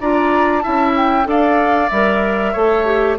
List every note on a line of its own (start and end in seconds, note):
0.00 0.64 D4
0.00 0.62 F4
0.00 0.63 D5
0.00 0.59 A#5
0.59 1.24 E4
0.59 1.27 E5
0.59 0.91 A5
0.66 1.26 C#4
0.96 1.28 G5
1.24 1.90 D4
1.24 1.88 A4
1.24 2.52 D5
1.24 1.89 F5
1.89 2.55 G3
1.89 2.55 A#4
1.89 3.17 E5
2.52 3.18 A3
2.52 2.85 A4
2.52 3.16 C#5
2.85 3.17 G4